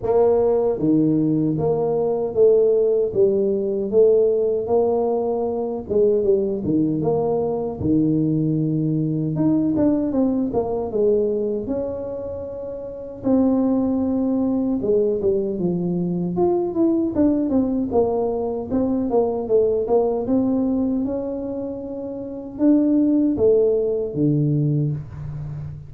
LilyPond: \new Staff \with { instrumentName = "tuba" } { \time 4/4 \tempo 4 = 77 ais4 dis4 ais4 a4 | g4 a4 ais4. gis8 | g8 dis8 ais4 dis2 | dis'8 d'8 c'8 ais8 gis4 cis'4~ |
cis'4 c'2 gis8 g8 | f4 f'8 e'8 d'8 c'8 ais4 | c'8 ais8 a8 ais8 c'4 cis'4~ | cis'4 d'4 a4 d4 | }